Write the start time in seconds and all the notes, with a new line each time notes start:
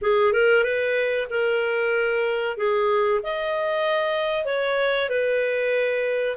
0.01 G#4
0.32 A#4
0.63 B4
1.30 A#4
2.57 G#4
3.23 D#5
4.45 C#5
5.09 B4